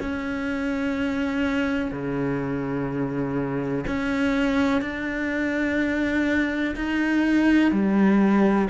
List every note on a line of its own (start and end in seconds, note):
0.00 1.91 C#4
1.91 3.85 C#3
3.87 4.81 C#4
4.81 6.75 D4
6.75 7.72 D#4
7.72 8.68 G3